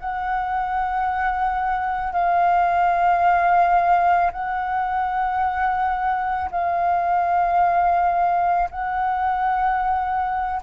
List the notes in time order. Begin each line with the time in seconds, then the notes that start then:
0.00 F#5
2.13 F5
4.32 F#5
6.52 F5
8.71 F#5